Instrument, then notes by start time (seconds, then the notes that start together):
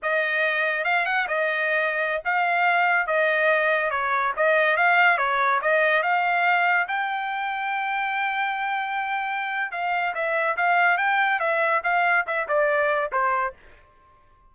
trumpet
0.02 D#5
0.84 F5
1.05 F#5
1.27 D#5
2.25 F5
3.06 D#5
3.90 C#5
4.36 D#5
4.77 F5
5.17 C#5
5.61 D#5
6.02 F5
6.88 G5
9.71 F5
10.14 E5
10.57 F5
10.97 G5
11.39 E5
11.83 F5
12.26 E5
12.47 D5
13.11 C5